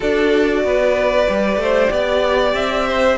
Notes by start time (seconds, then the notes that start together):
0.00 D4 F#4 A4 D5
0.64 B3 B4
1.27 G3 G4
1.56 A3 C5
1.90 B3 D5
2.53 C4 E5
2.87 C5